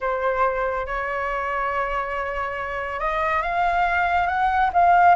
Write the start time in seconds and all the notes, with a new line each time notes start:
0.00 C5
0.86 C#5
2.99 D#5
3.42 F5
4.27 F#5
4.73 F5